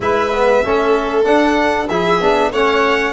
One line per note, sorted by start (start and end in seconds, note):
0.00 0.63 G#3
0.00 0.32 E4
0.00 0.64 B4
0.00 1.24 E5
0.32 0.64 B3
0.64 1.26 A3
0.64 1.23 C#4
0.64 1.90 A4
1.23 1.87 D4
1.23 1.89 D4
1.23 1.87 F#5
1.88 2.20 F3
1.88 2.21 E4
1.88 2.51 G#4
1.88 2.52 E5
2.20 2.52 B3
2.20 2.52 D4
2.51 3.12 A3
2.51 3.12 C#4
2.51 3.12 C#5
2.51 3.12 F#5